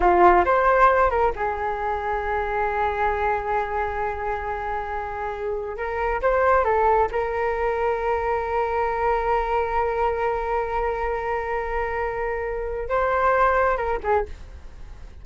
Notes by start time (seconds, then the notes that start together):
0.00 F4
0.44 C5
1.10 A#4
1.35 G#4
5.76 A#4
6.21 C5
6.64 A4
7.11 A#4
12.88 C5
13.77 A#4
14.03 G#4